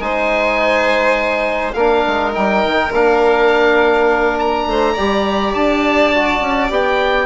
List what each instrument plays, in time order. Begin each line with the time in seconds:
0.00 bassoon G#3, trombone D#4, violin C5, oboe G#5
1.73 bassoon A#3, trombone D4, violin A#4, oboe F5
2.07 bassoon G#3
2.33 bassoon G3, trombone D#4, oboe G5
2.65 bassoon D#3
2.93 bassoon A#3, trombone D4, oboe F5
4.39 oboe A#5
4.66 bassoon A3, violin C5
4.94 bassoon G3, trombone G4, violin D5
5.54 bassoon D4, oboe A5
6.14 trombone F#4
6.41 bassoon C#4
6.70 bassoon B3, trombone G4, oboe G5